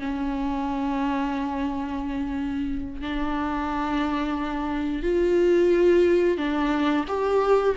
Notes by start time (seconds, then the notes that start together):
0.00 C#4
3.02 D4
5.03 F4
6.38 D4
7.08 G4